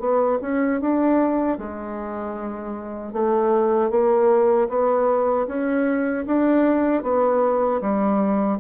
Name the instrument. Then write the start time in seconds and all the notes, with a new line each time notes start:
bassoon
0.00 B3
0.42 C#4
0.81 D4
1.58 G#3
3.13 A3
3.91 A#3
4.69 B3
5.48 C#4
6.27 D4
7.03 B3
7.82 G3